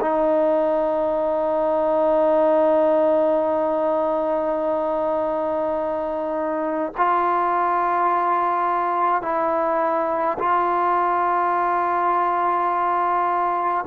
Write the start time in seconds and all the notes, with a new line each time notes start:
0.00 D#4
6.97 F4
9.22 E4
10.39 F4